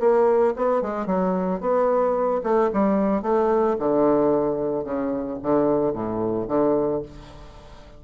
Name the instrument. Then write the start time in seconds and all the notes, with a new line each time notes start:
bassoon
0.00 A#3
0.56 B3
0.82 G#3
1.07 F#3
1.61 B3
2.43 A3
2.73 G3
3.23 A3
3.79 D3
4.85 C#3
5.43 D3
5.93 A2
6.48 D3